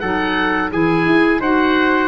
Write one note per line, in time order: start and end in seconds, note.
0.00 0.72 F#3
0.00 0.72 D#4
0.00 0.71 A4
0.00 0.70 F#5
0.72 1.06 E3
0.72 1.42 E4
0.72 1.40 G#4
0.72 1.42 G#5
1.06 1.39 E4
1.39 2.08 D#4
1.39 2.08 F#4
1.39 2.08 C5
1.39 2.08 F#5